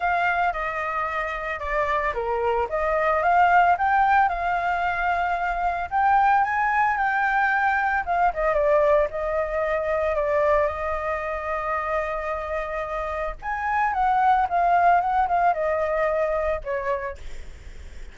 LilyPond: \new Staff \with { instrumentName = "flute" } { \time 4/4 \tempo 4 = 112 f''4 dis''2 d''4 | ais'4 dis''4 f''4 g''4 | f''2. g''4 | gis''4 g''2 f''8 dis''8 |
d''4 dis''2 d''4 | dis''1~ | dis''4 gis''4 fis''4 f''4 | fis''8 f''8 dis''2 cis''4 | }